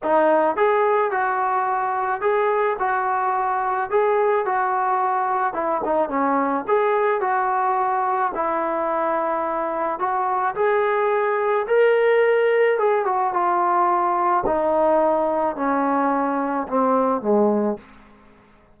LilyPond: \new Staff \with { instrumentName = "trombone" } { \time 4/4 \tempo 4 = 108 dis'4 gis'4 fis'2 | gis'4 fis'2 gis'4 | fis'2 e'8 dis'8 cis'4 | gis'4 fis'2 e'4~ |
e'2 fis'4 gis'4~ | gis'4 ais'2 gis'8 fis'8 | f'2 dis'2 | cis'2 c'4 gis4 | }